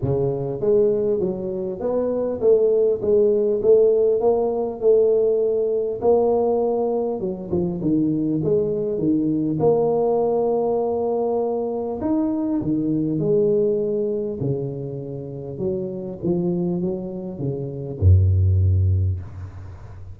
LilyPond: \new Staff \with { instrumentName = "tuba" } { \time 4/4 \tempo 4 = 100 cis4 gis4 fis4 b4 | a4 gis4 a4 ais4 | a2 ais2 | fis8 f8 dis4 gis4 dis4 |
ais1 | dis'4 dis4 gis2 | cis2 fis4 f4 | fis4 cis4 fis,2 | }